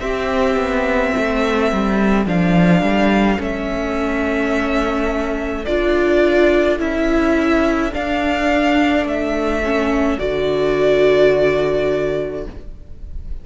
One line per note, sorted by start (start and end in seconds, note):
0.00 2.27 C4
0.00 0.56 C4
0.00 1.11 G4
0.00 2.26 E5
0.56 1.12 B3
1.11 12.43 A4
1.17 1.72 A3
1.72 2.26 G3
2.26 2.82 F3
2.26 3.38 D4
2.26 3.42 F5
2.82 3.39 G3
3.38 5.66 A3
3.38 5.65 C#4
3.38 5.66 E5
5.66 6.79 D4
5.66 6.79 F4
5.66 6.79 D5
6.79 7.93 C#4
6.79 7.92 E4
6.79 7.94 E5
7.92 9.62 D4
7.92 9.05 D4
7.92 9.07 F5
9.05 10.18 A3
9.05 10.20 E5
9.64 10.19 C#4
10.19 12.46 D3
10.19 12.45 F#4
10.19 12.46 D5